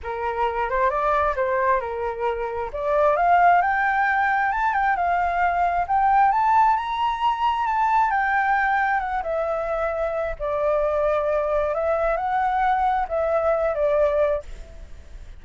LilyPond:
\new Staff \with { instrumentName = "flute" } { \time 4/4 \tempo 4 = 133 ais'4. c''8 d''4 c''4 | ais'2 d''4 f''4 | g''2 a''8 g''8 f''4~ | f''4 g''4 a''4 ais''4~ |
ais''4 a''4 g''2 | fis''8 e''2~ e''8 d''4~ | d''2 e''4 fis''4~ | fis''4 e''4. d''4. | }